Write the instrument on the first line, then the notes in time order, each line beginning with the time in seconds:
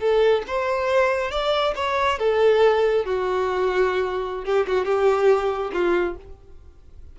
violin
0.00 A4
0.48 C5
1.31 D5
1.76 C#5
2.19 A4
3.06 F#4
4.45 G4
4.68 F#4
4.85 G4
5.73 F4